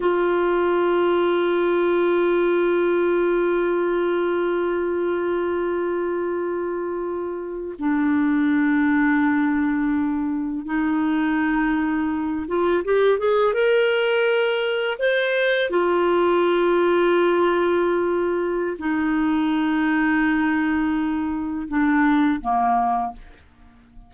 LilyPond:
\new Staff \with { instrumentName = "clarinet" } { \time 4/4 \tempo 4 = 83 f'1~ | f'1~ | f'2~ f'8. d'4~ d'16~ | d'2~ d'8. dis'4~ dis'16~ |
dis'4~ dis'16 f'8 g'8 gis'8 ais'4~ ais'16~ | ais'8. c''4 f'2~ f'16~ | f'2 dis'2~ | dis'2 d'4 ais4 | }